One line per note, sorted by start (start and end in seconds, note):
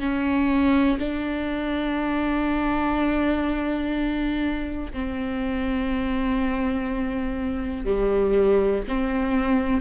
0.00 0.98 C#4
0.99 4.92 D4
4.93 7.85 C4
7.85 8.83 G3
8.88 9.81 C4